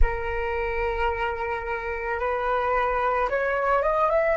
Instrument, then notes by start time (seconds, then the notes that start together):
flute
0.01 A#4
2.19 B4
3.29 C#5
3.82 D#5
4.09 E5